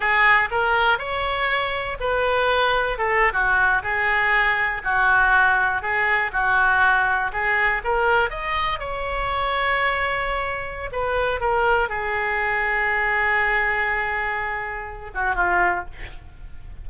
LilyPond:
\new Staff \with { instrumentName = "oboe" } { \time 4/4 \tempo 4 = 121 gis'4 ais'4 cis''2 | b'2 a'8. fis'4 gis'16~ | gis'4.~ gis'16 fis'2 gis'16~ | gis'8. fis'2 gis'4 ais'16~ |
ais'8. dis''4 cis''2~ cis''16~ | cis''2 b'4 ais'4 | gis'1~ | gis'2~ gis'8 fis'8 f'4 | }